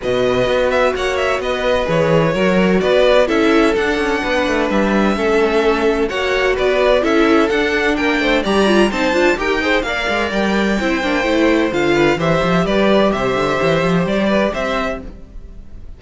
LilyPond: <<
  \new Staff \with { instrumentName = "violin" } { \time 4/4 \tempo 4 = 128 dis''4. e''8 fis''8 e''8 dis''4 | cis''2 d''4 e''4 | fis''2 e''2~ | e''4 fis''4 d''4 e''4 |
fis''4 g''4 ais''4 a''4 | g''4 f''4 g''2~ | g''4 f''4 e''4 d''4 | e''2 d''4 e''4 | }
  \new Staff \with { instrumentName = "violin" } { \time 4/4 b'2 cis''4 b'4~ | b'4 ais'4 b'4 a'4~ | a'4 b'2 a'4~ | a'4 cis''4 b'4 a'4~ |
a'4 ais'8 c''8 d''4 c''4 | ais'8 c''8 d''2 c''4~ | c''4. b'8 c''4 b'4 | c''2~ c''8 b'8 c''4 | }
  \new Staff \with { instrumentName = "viola" } { \time 4/4 fis'1 | gis'4 fis'2 e'4 | d'2. cis'4~ | cis'4 fis'2 e'4 |
d'2 g'8 f'8 dis'8 f'8 | g'8 gis'8 ais'2 e'8 d'8 | e'4 f'4 g'2~ | g'1 | }
  \new Staff \with { instrumentName = "cello" } { \time 4/4 b,4 b4 ais4 b4 | e4 fis4 b4 cis'4 | d'8 cis'8 b8 a8 g4 a4~ | a4 ais4 b4 cis'4 |
d'4 ais8 a8 g4 c'8 d'8 | dis'4 ais8 gis8 g4 c'8 ais8 | a4 d4 e8 f8 g4 | c8 d8 e8 f8 g4 c'4 | }
>>